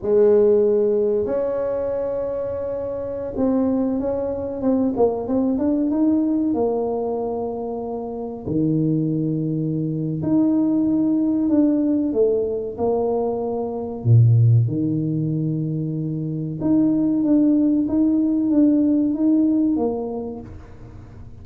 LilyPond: \new Staff \with { instrumentName = "tuba" } { \time 4/4 \tempo 4 = 94 gis2 cis'2~ | cis'4~ cis'16 c'4 cis'4 c'8 ais16~ | ais16 c'8 d'8 dis'4 ais4.~ ais16~ | ais4~ ais16 dis2~ dis8. |
dis'2 d'4 a4 | ais2 ais,4 dis4~ | dis2 dis'4 d'4 | dis'4 d'4 dis'4 ais4 | }